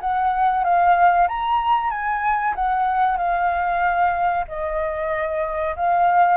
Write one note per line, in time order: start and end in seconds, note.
0.00 0.64 F#5
0.64 1.27 F5
1.28 1.90 A#5
1.90 2.54 G#5
2.55 3.17 F#5
3.17 4.44 F5
4.48 5.75 D#5
5.76 6.37 F5